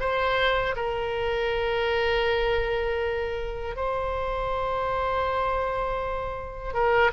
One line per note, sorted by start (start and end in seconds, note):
0.00 0.75 C5
0.76 3.76 A#4
3.76 6.73 C5
6.73 7.11 A#4